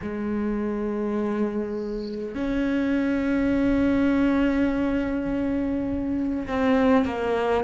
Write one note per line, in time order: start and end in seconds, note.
0.02 2.35 G#3
2.35 6.47 C#4
6.47 7.05 C4
7.05 7.64 A#3